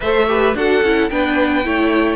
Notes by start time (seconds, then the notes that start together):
0.00 A3 A4 C5 E5
0.27 G4 B4
0.54 D4 F#4 A4 F#5
0.82 C#4 E4
1.09 B3 D4 B4 G5
1.64 A3 E4 C#5